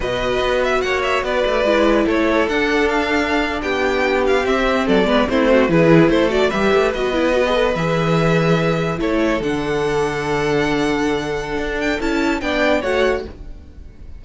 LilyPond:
<<
  \new Staff \with { instrumentName = "violin" } { \time 4/4 \tempo 4 = 145 dis''4. e''8 fis''8 e''8 d''4~ | d''4 cis''4 fis''4 f''4~ | f''8. g''4. f''8 e''4 d''16~ | d''8. c''4 b'4 c''8 d''8 e''16~ |
e''8. dis''2 e''4~ e''16~ | e''4.~ e''16 cis''4 fis''4~ fis''16~ | fis''1~ | fis''8 g''8 a''4 g''4 fis''4 | }
  \new Staff \with { instrumentName = "violin" } { \time 4/4 b'2 cis''4 b'4~ | b'4 a'2.~ | a'8. g'2. a'16~ | a'16 b'8 e'8 fis'8 gis'4 a'4 b'16~ |
b'1~ | b'4.~ b'16 a'2~ a'16~ | a'1~ | a'2 d''4 cis''4 | }
  \new Staff \with { instrumentName = "viola" } { \time 4/4 fis'1 | e'2 d'2~ | d'2~ d'8. c'4~ c'16~ | c'16 b8 c'4 e'4. fis'8 g'16~ |
g'8. fis'8 e'8 fis'16 gis'16 a'8 gis'4~ gis'16~ | gis'4.~ gis'16 e'4 d'4~ d'16~ | d'1~ | d'4 e'4 d'4 fis'4 | }
  \new Staff \with { instrumentName = "cello" } { \time 4/4 b,4 b4 ais4 b8 a8 | gis4 a4 d'2~ | d'8. b2 c'4 fis16~ | fis16 gis8 a4 e4 a4 g16~ |
g16 a8 b2 e4~ e16~ | e4.~ e16 a4 d4~ d16~ | d1 | d'4 cis'4 b4 a4 | }
>>